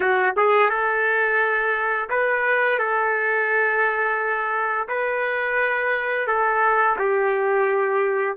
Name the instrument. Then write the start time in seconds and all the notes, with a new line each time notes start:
trumpet
0.00 F#4
0.36 G#4
0.69 A4
2.09 B4
2.78 A4
4.88 B4
6.27 A4
6.99 G4